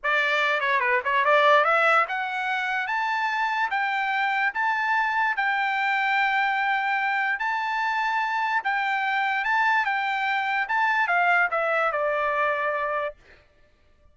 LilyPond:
\new Staff \with { instrumentName = "trumpet" } { \time 4/4 \tempo 4 = 146 d''4. cis''8 b'8 cis''8 d''4 | e''4 fis''2 a''4~ | a''4 g''2 a''4~ | a''4 g''2.~ |
g''2 a''2~ | a''4 g''2 a''4 | g''2 a''4 f''4 | e''4 d''2. | }